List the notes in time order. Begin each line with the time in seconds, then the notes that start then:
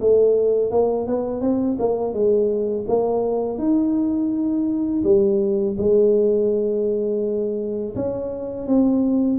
0.00 A3
0.71 A#3
1.07 B3
1.41 C4
1.79 A#3
2.13 G#3
2.88 A#3
3.58 D#4
5.04 G3
5.78 G#3
7.96 C#4
8.67 C4